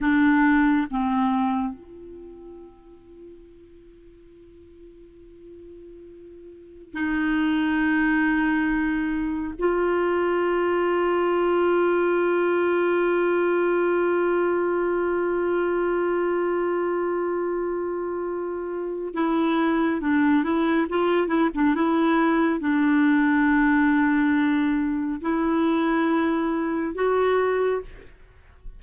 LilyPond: \new Staff \with { instrumentName = "clarinet" } { \time 4/4 \tempo 4 = 69 d'4 c'4 f'2~ | f'1 | dis'2. f'4~ | f'1~ |
f'1~ | f'2 e'4 d'8 e'8 | f'8 e'16 d'16 e'4 d'2~ | d'4 e'2 fis'4 | }